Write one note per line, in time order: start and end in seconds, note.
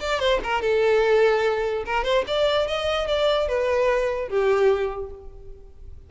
0.00 0.19 D5
0.19 0.40 C5
0.43 0.61 A#4
0.61 1.84 A4
1.85 2.04 A#4
2.04 2.24 C5
2.27 2.67 D5
2.67 3.07 D#5
3.07 3.48 D5
3.48 4.29 B4
4.29 5.10 G4